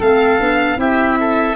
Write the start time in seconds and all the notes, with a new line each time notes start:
0.00 A3 C4 A4 F5
0.40 B3 D4
0.77 C4 E4 G4 E5
1.20 A4